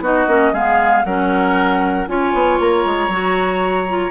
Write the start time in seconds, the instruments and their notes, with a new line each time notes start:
0.00 bassoon B3, clarinet D#4, oboe F#4, flute D#5
0.27 bassoon A#3, clarinet C#4
0.52 bassoon G#3, clarinet B3, oboe G#4, flute F5
1.05 bassoon F#3, clarinet C#4, oboe A#4, flute F#5
2.07 bassoon C#4, clarinet F4, oboe C#5, flute G#5
2.33 bassoon B3
2.59 bassoon A#3, flute A#5
2.85 bassoon G#3
3.08 bassoon F#3, clarinet F#4
3.88 clarinet F4